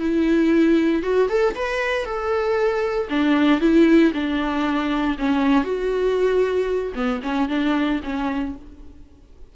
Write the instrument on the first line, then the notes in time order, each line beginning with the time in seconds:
viola
0.00 E4
1.03 F#4
1.29 A4
1.55 B4
2.05 A4
3.10 D4
3.61 E4
4.14 D4
5.19 C#4
5.64 F#4
6.95 B3
7.23 C#4
7.49 D4
8.04 C#4